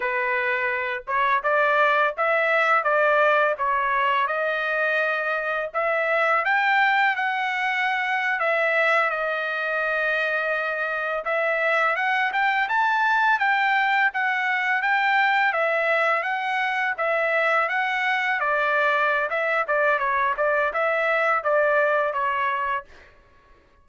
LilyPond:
\new Staff \with { instrumentName = "trumpet" } { \time 4/4 \tempo 4 = 84 b'4. cis''8 d''4 e''4 | d''4 cis''4 dis''2 | e''4 g''4 fis''4.~ fis''16 e''16~ | e''8. dis''2. e''16~ |
e''8. fis''8 g''8 a''4 g''4 fis''16~ | fis''8. g''4 e''4 fis''4 e''16~ | e''8. fis''4 d''4~ d''16 e''8 d''8 | cis''8 d''8 e''4 d''4 cis''4 | }